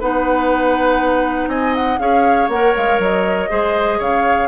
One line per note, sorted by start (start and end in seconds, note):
0.00 1.47 B3
0.00 1.99 D#4
0.00 1.49 B4
0.00 1.49 F#5
1.47 1.97 C4
1.47 1.99 D#5
1.47 1.74 G#5
1.74 1.98 F#5
1.98 2.48 C#4
1.98 2.49 G#4
1.98 3.50 C#5
1.98 2.48 F5
2.48 2.73 A#3
2.48 3.49 A#4
2.48 2.74 F#5
2.75 2.98 G#3
2.75 3.00 F5
2.98 3.48 F#3
2.98 4.01 D#5
3.49 3.99 G#3
3.49 4.48 G#4
3.49 3.98 C5
3.98 4.48 C#3
3.98 4.48 C#5
3.98 4.48 F5